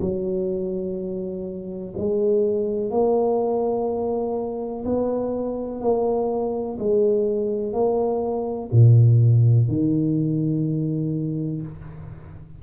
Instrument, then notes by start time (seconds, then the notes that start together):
tuba
0.00 F#3
1.97 G#3
2.90 A#3
4.85 B3
5.81 A#3
6.79 G#3
7.72 A#3
8.71 A#2
9.68 D#3